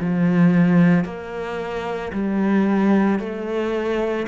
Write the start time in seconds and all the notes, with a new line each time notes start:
0.00 F3
1.04 A#3
2.12 G3
3.19 A3